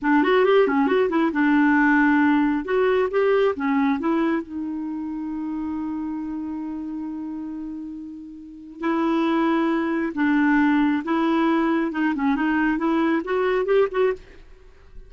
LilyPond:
\new Staff \with { instrumentName = "clarinet" } { \time 4/4 \tempo 4 = 136 d'8 fis'8 g'8 cis'8 fis'8 e'8 d'4~ | d'2 fis'4 g'4 | cis'4 e'4 dis'2~ | dis'1~ |
dis'1 | e'2. d'4~ | d'4 e'2 dis'8 cis'8 | dis'4 e'4 fis'4 g'8 fis'8 | }